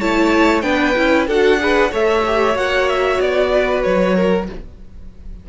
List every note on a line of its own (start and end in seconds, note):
0.00 0.63 A3
0.00 0.63 E4
0.00 0.64 C#5
0.00 0.62 A5
0.62 0.95 B3
0.62 0.95 D4
0.62 1.27 B4
0.62 1.25 G5
0.97 1.27 C#4
0.97 1.28 E4
1.27 1.91 D4
1.27 1.59 F#4
1.27 1.59 A4
1.27 1.93 F#5
1.59 1.91 G#4
1.59 1.92 B4
1.92 2.55 A3
1.92 2.24 A4
1.92 3.51 C#5
1.92 2.57 E5
2.26 2.55 G4
2.55 3.19 A#3
2.55 4.46 F#4
2.55 2.89 F#5
2.89 3.21 E5
3.21 3.85 B3
3.21 3.83 D5
3.53 4.16 B4
3.83 4.49 F#3
3.83 4.47 C#5
4.16 4.48 A#4